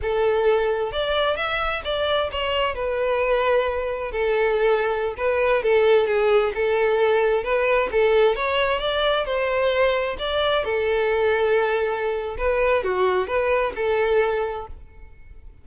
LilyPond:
\new Staff \with { instrumentName = "violin" } { \time 4/4 \tempo 4 = 131 a'2 d''4 e''4 | d''4 cis''4 b'2~ | b'4 a'2~ a'16 b'8.~ | b'16 a'4 gis'4 a'4.~ a'16~ |
a'16 b'4 a'4 cis''4 d''8.~ | d''16 c''2 d''4 a'8.~ | a'2. b'4 | fis'4 b'4 a'2 | }